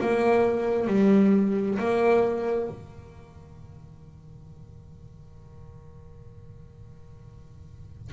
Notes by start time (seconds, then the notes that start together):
0.00 A#3
0.87 G3
1.78 A#3
2.69 D#3